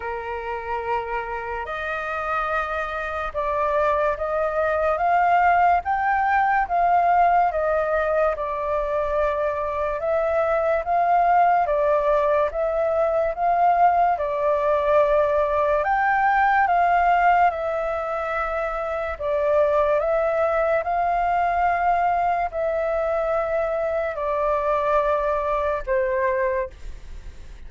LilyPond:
\new Staff \with { instrumentName = "flute" } { \time 4/4 \tempo 4 = 72 ais'2 dis''2 | d''4 dis''4 f''4 g''4 | f''4 dis''4 d''2 | e''4 f''4 d''4 e''4 |
f''4 d''2 g''4 | f''4 e''2 d''4 | e''4 f''2 e''4~ | e''4 d''2 c''4 | }